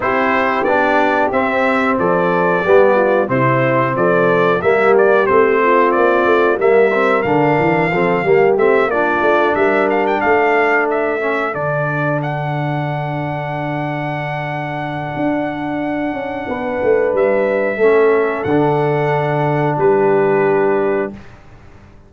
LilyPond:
<<
  \new Staff \with { instrumentName = "trumpet" } { \time 4/4 \tempo 4 = 91 c''4 d''4 e''4 d''4~ | d''4 c''4 d''4 e''8 d''8 | c''4 d''4 e''4 f''4~ | f''4 e''8 d''4 e''8 f''16 g''16 f''8~ |
f''8 e''4 d''4 fis''4.~ | fis''1~ | fis''2 e''2 | fis''2 b'2 | }
  \new Staff \with { instrumentName = "horn" } { \time 4/4 g'2. a'4 | g'8 f'8 e'4 a'4 g'4~ | g'8 f'4. ais'2 | a'8 g'4 f'4 ais'4 a'8~ |
a'1~ | a'1~ | a'4 b'2 a'4~ | a'2 g'2 | }
  \new Staff \with { instrumentName = "trombone" } { \time 4/4 e'4 d'4 c'2 | b4 c'2 ais4 | c'2 ais8 c'8 d'4 | c'8 ais8 c'8 d'2~ d'8~ |
d'4 cis'8 d'2~ d'8~ | d'1~ | d'2. cis'4 | d'1 | }
  \new Staff \with { instrumentName = "tuba" } { \time 4/4 c'4 b4 c'4 f4 | g4 c4 f4 g4 | a4 ais8 a8 g4 d8 e8 | f8 g8 a8 ais8 a8 g4 a8~ |
a4. d2~ d8~ | d2. d'4~ | d'8 cis'8 b8 a8 g4 a4 | d2 g2 | }
>>